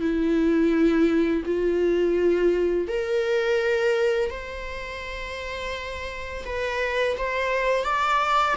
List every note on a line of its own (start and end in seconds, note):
0.00 1.43 E4
1.45 2.88 F4
2.88 4.30 A#4
4.30 6.44 C5
6.45 7.17 B4
7.17 7.84 C5
7.84 8.56 D5